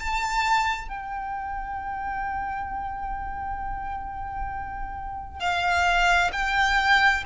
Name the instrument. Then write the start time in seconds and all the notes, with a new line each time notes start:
violin
0.00 A5
0.88 G5
5.40 F5
6.33 G5